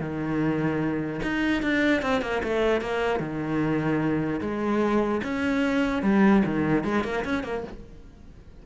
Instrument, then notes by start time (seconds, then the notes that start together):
cello
0.00 D#3
1.22 D#4
1.62 D4
2.02 C4
2.22 A#3
2.43 A3
2.81 A#3
3.20 D#3
4.41 G#3
5.24 C#4
6.03 G3
6.45 D#3
6.84 G#3
7.04 A#3
7.24 C#4
7.44 A#3